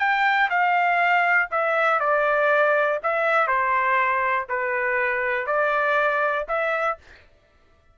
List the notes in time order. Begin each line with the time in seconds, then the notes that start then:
0.00 G5
0.50 F5
1.51 E5
2.00 D5
3.04 E5
3.48 C5
4.49 B4
5.47 D5
6.48 E5